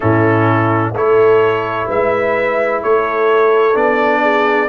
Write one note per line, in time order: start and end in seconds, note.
0.00 0.93 A2
0.00 0.94 C#4
0.00 0.92 E4
0.00 0.93 A4
0.93 1.86 A3
0.93 3.73 E4
0.93 1.87 A4
0.93 1.89 C#5
1.87 2.82 G#3
1.87 2.81 B4
1.87 2.82 E5
2.82 3.75 A3
2.82 4.21 A4
2.82 3.76 C#5
3.73 4.68 B3
3.73 4.67 D4
3.73 4.68 D5
4.21 4.68 G#4